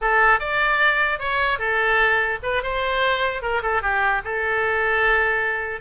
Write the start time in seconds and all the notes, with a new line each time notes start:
0.01 A4
0.39 D5
1.19 C#5
1.58 A4
2.43 B4
2.62 C5
3.41 A#4
3.62 A4
3.82 G4
4.24 A4